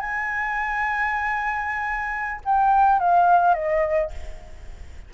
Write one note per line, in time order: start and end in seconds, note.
0.00 2.41 G#5
2.45 2.99 G5
2.99 3.54 F5
3.54 4.11 D#5